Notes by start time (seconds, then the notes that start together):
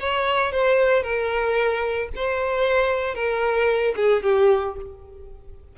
0.00 C#5
0.52 C5
1.03 A#4
2.16 C5
3.15 A#4
3.97 G#4
4.23 G4